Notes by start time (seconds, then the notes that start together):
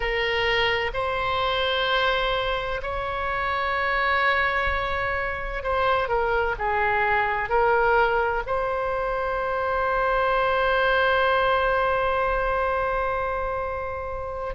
0.00 A#4
0.93 C5
2.82 C#5
5.63 C5
6.08 A#4
6.58 G#4
7.49 A#4
8.46 C5